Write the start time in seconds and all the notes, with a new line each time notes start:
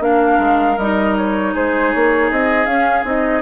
0.00 A#3 D4 A#4 F5
0.39 G#3
0.78 G3 D#4 D#5
1.17 C#5
1.54 G#3 G#4 C5
1.93 A#3 C#5
2.31 C4 D#5
2.66 C#4 F5
3.04 C4 D#4 D#5